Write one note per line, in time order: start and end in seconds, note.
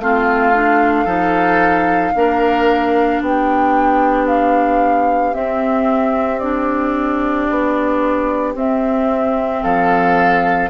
0.00 1.06 A3
0.00 0.54 C4
0.00 1.05 F4
0.00 3.23 F5
0.54 1.07 D4
1.05 2.13 F3
1.05 2.14 D#4
1.05 2.12 A4
2.15 3.21 A#3
2.15 5.34 D4
2.15 3.23 A#4
3.21 5.35 B3
3.21 9.63 G4
3.21 4.28 G5
4.28 5.35 F5
5.34 6.42 C4
5.34 7.49 C4
5.34 6.40 E5
6.40 8.56 D4
6.40 8.54 D5
7.50 8.55 B3
8.55 9.62 C4
8.55 10.71 C4
8.55 9.63 E5
9.63 10.71 F3
9.63 10.71 A4
9.63 10.70 F5